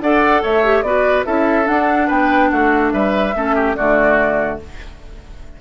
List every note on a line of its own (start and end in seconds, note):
0.00 0.42 D4
0.00 0.64 A4
0.00 0.42 D5
0.00 0.43 F#5
0.42 0.82 A3
0.42 0.84 C#5
0.42 0.82 E5
0.64 0.84 G4
0.82 1.24 B3
0.82 1.25 F#4
0.82 1.26 B4
0.82 1.23 D5
1.25 1.68 C#4
1.25 1.64 E4
1.25 2.07 A4
1.25 1.67 E5
1.64 3.30 D4
1.64 2.09 D4
1.64 2.09 F#5
2.07 2.51 B3
2.07 2.49 B4
2.07 2.50 G5
2.50 2.93 A3
2.50 2.93 F#4
2.50 2.91 F#5
2.92 3.34 G3
2.92 3.35 B4
2.92 3.75 E5
3.35 3.76 A3
3.35 3.77 C#4
3.35 3.55 A4
3.55 3.76 G4
3.75 4.61 D3
3.75 4.60 A3
3.75 4.60 F#4
3.75 4.58 D5